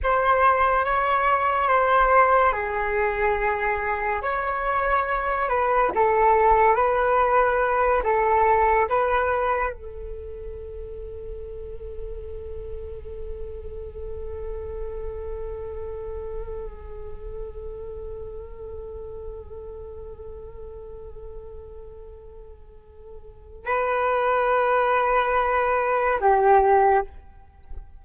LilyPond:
\new Staff \with { instrumentName = "flute" } { \time 4/4 \tempo 4 = 71 c''4 cis''4 c''4 gis'4~ | gis'4 cis''4. b'8 a'4 | b'4. a'4 b'4 a'8~ | a'1~ |
a'1~ | a'1~ | a'1 | b'2. g'4 | }